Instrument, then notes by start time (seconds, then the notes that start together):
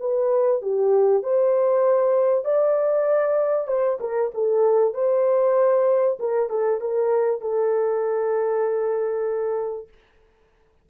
horn
0.00 B4
0.62 G4
1.23 C5
2.45 D5
3.67 C5
4.00 A#4
4.34 A4
4.94 C5
6.19 A#4
6.49 A4
6.81 A#4
7.41 A4